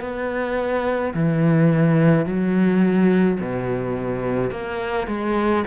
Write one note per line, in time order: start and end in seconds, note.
0.00 1.13 B3
1.14 2.25 E3
2.25 3.38 F#3
3.40 4.50 B2
4.50 5.07 A#3
5.07 5.63 G#3